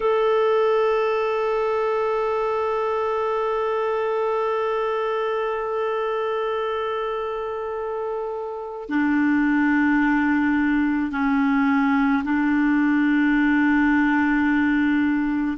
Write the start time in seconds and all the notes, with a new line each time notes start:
0.00 A4
8.89 D4
11.11 C#4
12.24 D4